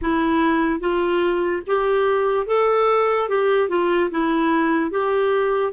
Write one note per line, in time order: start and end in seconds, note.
0.01 0.80 E4
0.80 1.62 F4
1.67 2.46 G4
2.46 3.28 A4
3.29 3.68 G4
3.68 4.09 F4
4.10 4.90 E4
4.90 5.72 G4